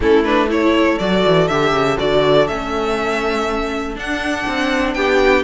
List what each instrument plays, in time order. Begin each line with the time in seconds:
0.00 cello A3, viola C#4, violin E4 A4
0.24 viola D4, violin B4
0.48 viola E4, violin A4 C#5
0.98 cello F#3, viola F#4, violin D5
1.26 cello E3
1.47 cello D3, viola G4, violin E5
1.72 cello C#3
1.98 cello D3, viola F#4, violin D5
2.47 cello A3, viola C#4, violin E5
3.95 viola D4, cello D4, violin F#5
4.47 cello C4
4.93 cello B3, violin G4 G5